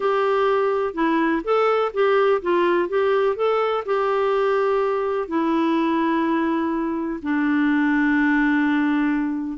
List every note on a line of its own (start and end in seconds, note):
0.00 0.93 G4
0.93 1.41 E4
1.44 1.92 A4
1.93 2.41 G4
2.42 2.88 F4
2.88 3.36 G4
3.36 3.84 A4
3.85 5.28 G4
5.28 7.20 E4
7.22 9.58 D4